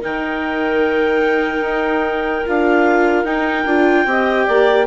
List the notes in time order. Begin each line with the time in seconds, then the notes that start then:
0.00 D#3 D#4 A#4 G5
1.61 D#4
2.46 D4 F4 F5
3.24 D#4 G5
3.66 D4 F4
4.06 C4 G4 D#5
4.46 A#3 D5